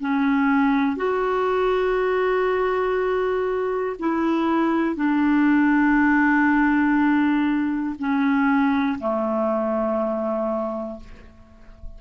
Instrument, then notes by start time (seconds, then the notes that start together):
clarinet
0.00 C#4
0.96 F#4
3.99 E4
4.95 D4
7.99 C#4
8.99 A3